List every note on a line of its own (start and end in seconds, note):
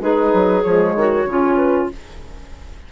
0.00 0.32 G#3
0.00 0.62 D#4
0.00 0.95 G#4
0.00 0.63 B4
0.34 0.65 F#3
0.63 0.96 F3
0.63 1.26 G#3
0.63 1.56 C#5
0.96 1.25 D#3
0.96 1.30 F#4
1.25 1.88 C#3
1.25 1.91 C#4
1.25 1.92 F4
1.56 1.87 B4